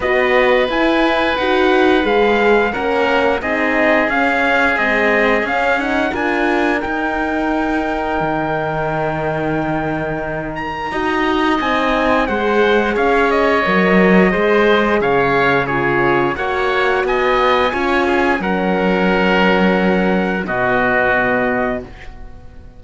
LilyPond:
<<
  \new Staff \with { instrumentName = "trumpet" } { \time 4/4 \tempo 4 = 88 dis''4 gis''4 fis''4 f''4 | fis''4 dis''4 f''4 dis''4 | f''8 fis''8 gis''4 g''2~ | g''2.~ g''8 ais''8~ |
ais''4 gis''4 fis''4 f''8 dis''8~ | dis''2 f''4 cis''4 | fis''4 gis''2 fis''4~ | fis''2 dis''2 | }
  \new Staff \with { instrumentName = "oboe" } { \time 4/4 b'1 | ais'4 gis'2.~ | gis'4 ais'2.~ | ais'1 |
dis''2 c''4 cis''4~ | cis''4 c''4 cis''4 gis'4 | cis''4 dis''4 cis''8 gis'8 ais'4~ | ais'2 fis'2 | }
  \new Staff \with { instrumentName = "horn" } { \time 4/4 fis'4 e'4 fis'4 gis'4 | cis'4 dis'4 cis'4 gis4 | cis'8 dis'8 f'4 dis'2~ | dis'1 |
fis'4 dis'4 gis'2 | ais'4 gis'2 f'4 | fis'2 f'4 cis'4~ | cis'2 b2 | }
  \new Staff \with { instrumentName = "cello" } { \time 4/4 b4 e'4 dis'4 gis4 | ais4 c'4 cis'4 c'4 | cis'4 d'4 dis'2 | dis1 |
dis'4 c'4 gis4 cis'4 | fis4 gis4 cis2 | ais4 b4 cis'4 fis4~ | fis2 b,2 | }
>>